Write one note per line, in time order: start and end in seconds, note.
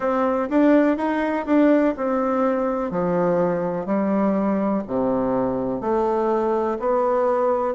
0.00 0.48 C4
0.49 0.97 D4
0.97 1.45 D#4
1.46 1.94 D4
1.96 2.90 C4
2.90 3.85 F3
3.85 4.82 G3
4.87 5.81 C3
5.81 6.77 A3
6.79 7.74 B3